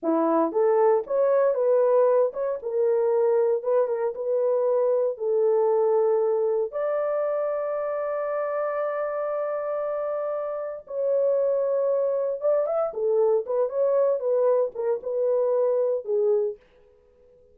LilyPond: \new Staff \with { instrumentName = "horn" } { \time 4/4 \tempo 4 = 116 e'4 a'4 cis''4 b'4~ | b'8 cis''8 ais'2 b'8 ais'8 | b'2 a'2~ | a'4 d''2.~ |
d''1~ | d''4 cis''2. | d''8 e''8 a'4 b'8 cis''4 b'8~ | b'8 ais'8 b'2 gis'4 | }